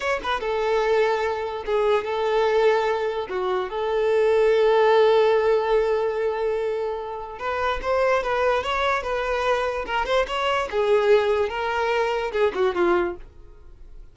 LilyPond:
\new Staff \with { instrumentName = "violin" } { \time 4/4 \tempo 4 = 146 cis''8 b'8 a'2. | gis'4 a'2. | fis'4 a'2.~ | a'1~ |
a'2 b'4 c''4 | b'4 cis''4 b'2 | ais'8 c''8 cis''4 gis'2 | ais'2 gis'8 fis'8 f'4 | }